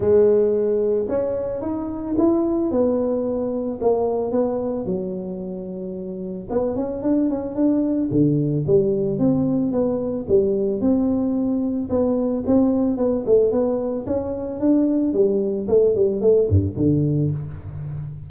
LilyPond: \new Staff \with { instrumentName = "tuba" } { \time 4/4 \tempo 4 = 111 gis2 cis'4 dis'4 | e'4 b2 ais4 | b4 fis2. | b8 cis'8 d'8 cis'8 d'4 d4 |
g4 c'4 b4 g4 | c'2 b4 c'4 | b8 a8 b4 cis'4 d'4 | g4 a8 g8 a8 g,8 d4 | }